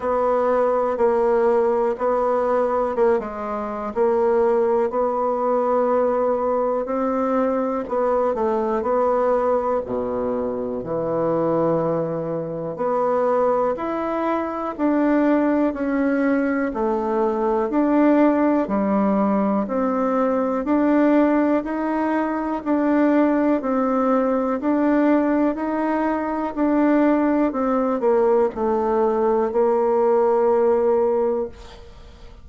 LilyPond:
\new Staff \with { instrumentName = "bassoon" } { \time 4/4 \tempo 4 = 61 b4 ais4 b4 ais16 gis8. | ais4 b2 c'4 | b8 a8 b4 b,4 e4~ | e4 b4 e'4 d'4 |
cis'4 a4 d'4 g4 | c'4 d'4 dis'4 d'4 | c'4 d'4 dis'4 d'4 | c'8 ais8 a4 ais2 | }